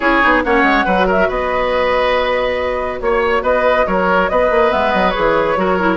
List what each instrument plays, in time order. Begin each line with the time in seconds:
0.00 bassoon C#4, clarinet E4, oboe G#4, flute C#5
0.22 bassoon B3, clarinet D#4
0.43 bassoon A#3, clarinet C#4, oboe C#5, flute F#5
0.63 bassoon G#3
0.85 bassoon F#3, clarinet F#4, oboe B4
1.06 oboe A#4, flute E5
1.27 bassoon B3, oboe B4, flute D#5
3.00 bassoon A#3, flute C#5, oboe C#5
3.42 bassoon B3, oboe B4, flute D#5
3.86 bassoon F#3, oboe A#4, flute C#5
4.29 bassoon B3, oboe B4, flute D#5
4.50 bassoon A#3
4.70 bassoon G#3, clarinet B3, flute E5
4.92 bassoon F#3, flute D#5
5.10 clarinet G#4, flute C#5
5.17 bassoon E3
5.56 bassoon F#3, clarinet F#4, oboe A#4
5.79 clarinet E4